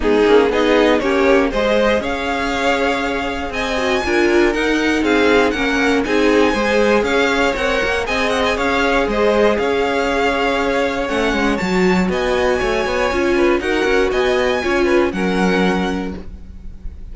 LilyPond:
<<
  \new Staff \with { instrumentName = "violin" } { \time 4/4 \tempo 4 = 119 gis'4 dis''4 cis''4 dis''4 | f''2. gis''4~ | gis''4 fis''4 f''4 fis''4 | gis''2 f''4 fis''4 |
gis''8 fis''16 gis''16 f''4 dis''4 f''4~ | f''2 fis''4 a''4 | gis''2. fis''4 | gis''2 fis''2 | }
  \new Staff \with { instrumentName = "violin" } { \time 4/4 dis'4 gis'4 g'4 c''4 | cis''2. dis''4 | ais'2 gis'4 ais'4 | gis'4 c''4 cis''2 |
dis''4 cis''4 c''4 cis''4~ | cis''1 | dis''4 cis''4. b'8 ais'4 | dis''4 cis''8 b'8 ais'2 | }
  \new Staff \with { instrumentName = "viola" } { \time 4/4 b8 cis'8 dis'4 cis'4 gis'4~ | gis'2.~ gis'8 fis'8 | f'4 dis'2 cis'4 | dis'4 gis'2 ais'4 |
gis'1~ | gis'2 cis'4 fis'4~ | fis'2 f'4 fis'4~ | fis'4 f'4 cis'2 | }
  \new Staff \with { instrumentName = "cello" } { \time 4/4 gis8 ais8 b4 ais4 gis4 | cis'2. c'4 | d'4 dis'4 c'4 ais4 | c'4 gis4 cis'4 c'8 ais8 |
c'4 cis'4 gis4 cis'4~ | cis'2 a8 gis8 fis4 | b4 a8 b8 cis'4 dis'8 cis'8 | b4 cis'4 fis2 | }
>>